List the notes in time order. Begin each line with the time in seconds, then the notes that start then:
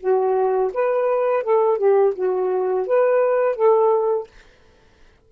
0.00 F#4
0.74 B4
1.44 A4
1.78 G4
2.16 F#4
2.87 B4
3.56 A4